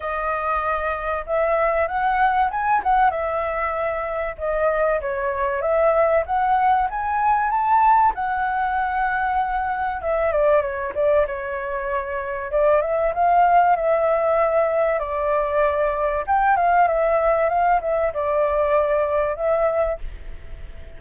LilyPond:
\new Staff \with { instrumentName = "flute" } { \time 4/4 \tempo 4 = 96 dis''2 e''4 fis''4 | gis''8 fis''8 e''2 dis''4 | cis''4 e''4 fis''4 gis''4 | a''4 fis''2. |
e''8 d''8 cis''8 d''8 cis''2 | d''8 e''8 f''4 e''2 | d''2 g''8 f''8 e''4 | f''8 e''8 d''2 e''4 | }